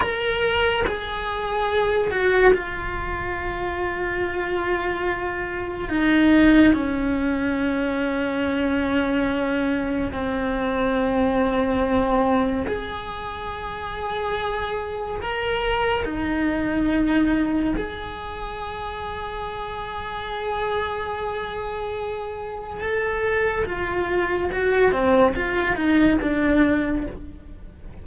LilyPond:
\new Staff \with { instrumentName = "cello" } { \time 4/4 \tempo 4 = 71 ais'4 gis'4. fis'8 f'4~ | f'2. dis'4 | cis'1 | c'2. gis'4~ |
gis'2 ais'4 dis'4~ | dis'4 gis'2.~ | gis'2. a'4 | f'4 fis'8 c'8 f'8 dis'8 d'4 | }